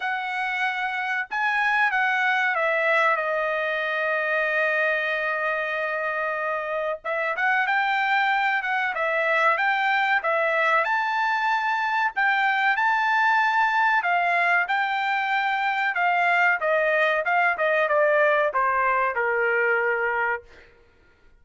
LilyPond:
\new Staff \with { instrumentName = "trumpet" } { \time 4/4 \tempo 4 = 94 fis''2 gis''4 fis''4 | e''4 dis''2.~ | dis''2. e''8 fis''8 | g''4. fis''8 e''4 g''4 |
e''4 a''2 g''4 | a''2 f''4 g''4~ | g''4 f''4 dis''4 f''8 dis''8 | d''4 c''4 ais'2 | }